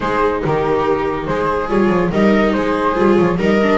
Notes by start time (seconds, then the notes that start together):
0.00 G#3 D#4 G#4 C5
0.43 D#3 G4 A#4
1.26 G#3 G#4 C5
1.69 G3 F4 C#5
1.88 F3
2.11 G3 D#4 A#4 D#5
2.52 G#3 G#4 C5
2.95 G3 F4
3.16 F3 C#5
3.37 G3 D#4 A#4 D#5
3.62 D4